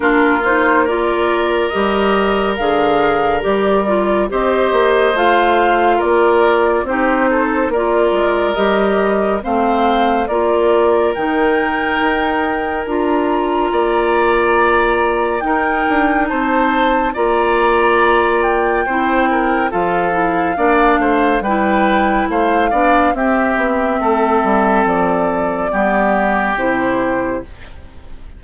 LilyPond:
<<
  \new Staff \with { instrumentName = "flute" } { \time 4/4 \tempo 4 = 70 ais'8 c''8 d''4 dis''4 f''4 | d''4 dis''4 f''4 d''4 | c''4 d''4 dis''4 f''4 | d''4 g''2 ais''4~ |
ais''2 g''4 a''4 | ais''4. g''4. f''4~ | f''4 g''4 f''4 e''4~ | e''4 d''2 c''4 | }
  \new Staff \with { instrumentName = "oboe" } { \time 4/4 f'4 ais'2.~ | ais'4 c''2 ais'4 | g'8 a'8 ais'2 c''4 | ais'1 |
d''2 ais'4 c''4 | d''2 c''8 ais'8 a'4 | d''8 c''8 b'4 c''8 d''8 g'4 | a'2 g'2 | }
  \new Staff \with { instrumentName = "clarinet" } { \time 4/4 d'8 dis'8 f'4 g'4 gis'4 | g'8 f'8 g'4 f'2 | dis'4 f'4 g'4 c'4 | f'4 dis'2 f'4~ |
f'2 dis'2 | f'2 e'4 f'8 e'8 | d'4 e'4. d'8 c'4~ | c'2 b4 e'4 | }
  \new Staff \with { instrumentName = "bassoon" } { \time 4/4 ais2 g4 d4 | g4 c'8 ais8 a4 ais4 | c'4 ais8 gis8 g4 a4 | ais4 dis4 dis'4 d'4 |
ais2 dis'8 d'8 c'4 | ais2 c'4 f4 | ais8 a8 g4 a8 b8 c'8 b8 | a8 g8 f4 g4 c4 | }
>>